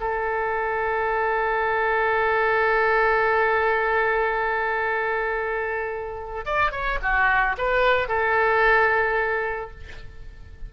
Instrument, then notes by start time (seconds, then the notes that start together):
oboe
0.00 A4
6.45 D5
6.71 C#5
7.02 F#4
7.57 B4
8.08 A4